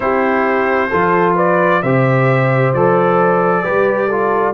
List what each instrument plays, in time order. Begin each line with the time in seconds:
0.00 tuba C4, trombone E4, horn G4, trumpet C5
0.89 tuba F3, trombone F4, horn A4
1.35 horn B4, trumpet D5
1.82 tuba C3, trombone G4, horn C5, trumpet E5
2.73 tuba F3, trombone A4, trumpet D5
3.63 tuba G3, trombone G4, horn B4
4.08 trombone F4, horn A4